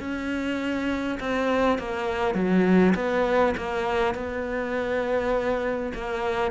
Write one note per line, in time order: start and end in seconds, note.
0.00 1.19 C#4
1.20 1.79 C4
1.79 2.35 A#3
2.35 2.94 F#3
2.95 3.55 B3
3.58 4.15 A#3
4.15 5.93 B3
5.94 6.52 A#3